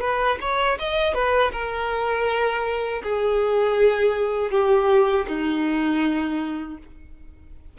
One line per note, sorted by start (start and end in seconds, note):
0.00 0.38 B4
0.41 0.78 C#5
0.79 1.14 D#5
1.14 1.51 B4
1.52 3.02 A#4
3.03 4.50 G#4
4.50 5.25 G4
5.27 6.77 D#4